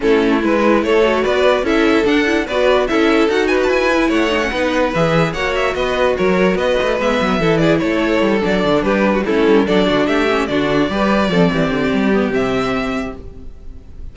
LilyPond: <<
  \new Staff \with { instrumentName = "violin" } { \time 4/4 \tempo 4 = 146 a'4 b'4 cis''4 d''4 | e''4 fis''4 d''4 e''4 | fis''8 gis''16 a''16 gis''4 fis''2 | e''4 fis''8 e''8 dis''4 cis''4 |
dis''4 e''4. d''8 cis''4~ | cis''8 d''4 b'4 a'4 d''8~ | d''8 e''4 d''2~ d''8~ | d''2 e''2 | }
  \new Staff \with { instrumentName = "violin" } { \time 4/4 e'2 a'4 b'4 | a'2 b'4 a'4~ | a'8 b'4. cis''4 b'4~ | b'4 cis''4 b'4 ais'4 |
b'2 a'8 gis'8 a'4~ | a'4. g'8. fis'16 e'4 a'8 | fis'8 g'4 fis'4 b'4 a'8 | g'1 | }
  \new Staff \with { instrumentName = "viola" } { \time 4/4 cis'4 e'4. fis'4. | e'4 d'8 e'8 fis'4 e'4 | fis'4. e'4 dis'16 cis'16 dis'4 | gis'4 fis'2.~ |
fis'4 b4 e'2~ | e'8 d'2 cis'4 d'8~ | d'4 cis'8 d'4 g'4 c'8~ | c'4. b8 c'2 | }
  \new Staff \with { instrumentName = "cello" } { \time 4/4 a4 gis4 a4 b4 | cis'4 d'4 b4 cis'4 | dis'4 e'4 a4 b4 | e4 ais4 b4 fis4 |
b8 a8 gis8 fis8 e4 a4 | g8 fis8 d8 g4 a8 g8 fis8 | d8 a4 d4 g4 f8 | e8 d8 g4 c2 | }
>>